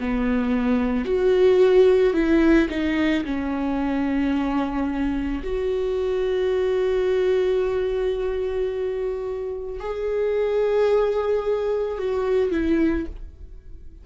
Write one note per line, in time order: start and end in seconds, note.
0.00 1.05 B3
1.05 2.14 F#4
2.14 2.68 E4
2.70 3.24 D#4
3.25 5.43 C#4
5.44 9.80 F#4
9.80 11.99 G#4
11.99 12.52 F#4
12.52 13.06 E4